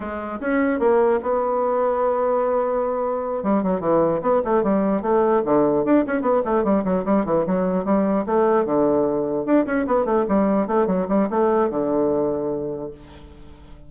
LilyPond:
\new Staff \with { instrumentName = "bassoon" } { \time 4/4 \tempo 4 = 149 gis4 cis'4 ais4 b4~ | b1~ | b8 g8 fis8 e4 b8 a8 g8~ | g8 a4 d4 d'8 cis'8 b8 |
a8 g8 fis8 g8 e8 fis4 g8~ | g8 a4 d2 d'8 | cis'8 b8 a8 g4 a8 fis8 g8 | a4 d2. | }